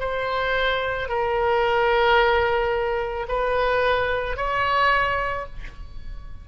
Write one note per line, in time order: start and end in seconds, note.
0.00 1.09 C5
1.09 3.27 A#4
3.28 4.37 B4
4.37 5.46 C#5